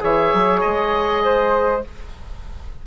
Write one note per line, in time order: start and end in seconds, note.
0.00 0.34 E3
0.00 1.82 G#4
0.00 1.24 C#5
0.00 0.61 E5
0.34 0.64 F#3
0.61 1.87 G#3
0.61 1.82 D#5
1.24 1.85 C5